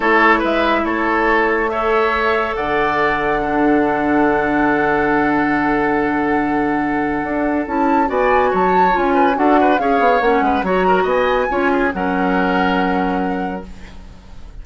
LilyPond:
<<
  \new Staff \with { instrumentName = "flute" } { \time 4/4 \tempo 4 = 141 cis''4 e''4 cis''2 | e''2 fis''2~ | fis''1~ | fis''1~ |
fis''2 a''4 gis''4 | a''4 gis''4 fis''4 f''4 | fis''4 ais''4 gis''2 | fis''1 | }
  \new Staff \with { instrumentName = "oboe" } { \time 4/4 a'4 b'4 a'2 | cis''2 d''2 | a'1~ | a'1~ |
a'2. d''4 | cis''4. b'8 a'8 b'8 cis''4~ | cis''8 b'8 cis''8 ais'8 dis''4 cis''8 gis'8 | ais'1 | }
  \new Staff \with { instrumentName = "clarinet" } { \time 4/4 e'1 | a'1 | d'1~ | d'1~ |
d'2 e'4 fis'4~ | fis'4 f'4 fis'4 gis'4 | cis'4 fis'2 f'4 | cis'1 | }
  \new Staff \with { instrumentName = "bassoon" } { \time 4/4 a4 gis4 a2~ | a2 d2~ | d1~ | d1~ |
d4 d'4 cis'4 b4 | fis4 cis'4 d'4 cis'8 b8 | ais8 gis8 fis4 b4 cis'4 | fis1 | }
>>